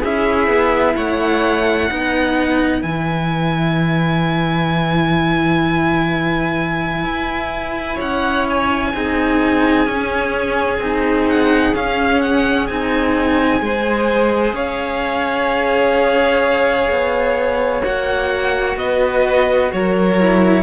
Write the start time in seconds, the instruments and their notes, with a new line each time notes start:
0.00 cello C#4 E4, violin G#4 E5
0.47 cello B3
0.96 cello A3, violin C#5 F#5
1.89 cello B3 D#4, violin B4
2.82 cello E3 E4, violin G#5
7.04 cello E4
7.95 violin C#5 F#5
8.01 cello C#4
8.49 violin G#5
8.94 cello C4 D#4, violin G#4
9.86 cello C#4
10.78 cello C4 D#4
11.28 violin F#5
11.74 cello C#4, violin F5
12.21 violin F#5
12.66 cello C4 D#4, violin G#5
13.59 cello G#3 G#4, violin C5
14.53 cello C#4, violin C#5 F5
16.90 cello B3
17.83 cello A#3 F#4, violin F#5
18.76 cello B3, violin B4 D#5
19.72 cello F#3, violin A#4 C#5
20.19 cello E4